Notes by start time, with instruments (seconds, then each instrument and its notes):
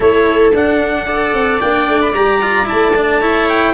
0.00 tuba A3, cello E4, viola A4, trumpet C#5
0.53 tuba D4, cello D4, trumpet F#5
1.06 cello A4, viola D5
1.33 tuba C4
1.60 tuba A#3, cello D4, trumpet G5
1.88 tuba A3
2.01 trumpet B5
2.13 tuba G3, cello G4, trumpet A#5
2.42 cello F4
2.65 cello E4, trumpet A5
2.72 tuba A3
2.96 cello D4
3.20 cello E4, viola C#5
3.49 trumpet G5